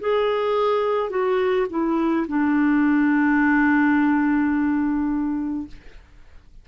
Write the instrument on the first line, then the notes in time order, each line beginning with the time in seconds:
clarinet
0.00 G#4
1.10 F#4
1.70 E4
2.28 D4